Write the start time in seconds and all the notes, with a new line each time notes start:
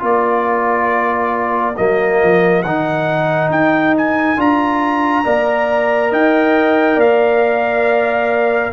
0.00 A#3 F4 A#4 D5
1.77 F#3 A#3 D#5
2.23 F3
2.63 D#3 D#4 F#5
3.50 D#4 G5
3.98 G#5
4.37 D4 F4 A#5
5.25 A#3 A#4 D5
6.12 D#4 D#5 G5
6.97 A#3 D5 F5